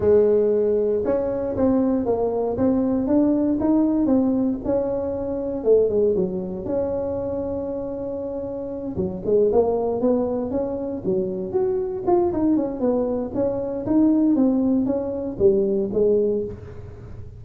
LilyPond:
\new Staff \with { instrumentName = "tuba" } { \time 4/4 \tempo 4 = 117 gis2 cis'4 c'4 | ais4 c'4 d'4 dis'4 | c'4 cis'2 a8 gis8 | fis4 cis'2.~ |
cis'4. fis8 gis8 ais4 b8~ | b8 cis'4 fis4 fis'4 f'8 | dis'8 cis'8 b4 cis'4 dis'4 | c'4 cis'4 g4 gis4 | }